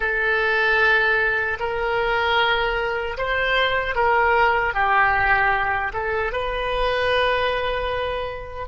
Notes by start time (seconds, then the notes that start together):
0.00 A4
1.59 A#4
3.17 C5
3.95 A#4
4.74 G4
5.93 A4
6.32 B4